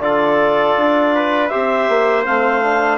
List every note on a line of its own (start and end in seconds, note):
0.00 0.75 D3
0.00 1.50 F4
0.00 1.15 A4
0.00 1.48 D5
0.77 1.52 D4
1.15 1.51 B4
1.48 1.89 C4
1.48 2.25 G4
1.48 2.98 C5
1.48 2.23 E5
1.89 2.26 A#3
2.25 2.98 A3
2.25 2.62 C4
2.25 2.98 F5
2.63 2.98 D4